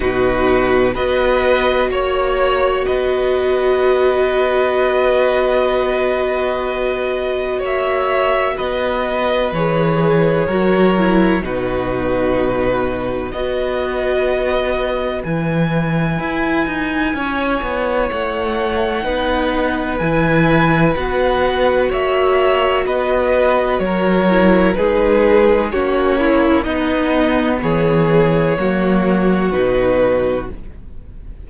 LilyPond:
<<
  \new Staff \with { instrumentName = "violin" } { \time 4/4 \tempo 4 = 63 b'4 dis''4 cis''4 dis''4~ | dis''1 | e''4 dis''4 cis''2 | b'2 dis''2 |
gis''2. fis''4~ | fis''4 gis''4 fis''4 e''4 | dis''4 cis''4 b'4 cis''4 | dis''4 cis''2 b'4 | }
  \new Staff \with { instrumentName = "violin" } { \time 4/4 fis'4 b'4 cis''4 b'4~ | b'1 | cis''4 b'2 ais'4 | fis'2 b'2~ |
b'2 cis''2 | b'2. cis''4 | b'4 ais'4 gis'4 fis'8 e'8 | dis'4 gis'4 fis'2 | }
  \new Staff \with { instrumentName = "viola" } { \time 4/4 dis'4 fis'2.~ | fis'1~ | fis'2 gis'4 fis'8 e'8 | dis'2 fis'2 |
e'1 | dis'4 e'4 fis'2~ | fis'4. e'8 dis'4 cis'4 | b2 ais4 dis'4 | }
  \new Staff \with { instrumentName = "cello" } { \time 4/4 b,4 b4 ais4 b4~ | b1 | ais4 b4 e4 fis4 | b,2 b2 |
e4 e'8 dis'8 cis'8 b8 a4 | b4 e4 b4 ais4 | b4 fis4 gis4 ais4 | b4 e4 fis4 b,4 | }
>>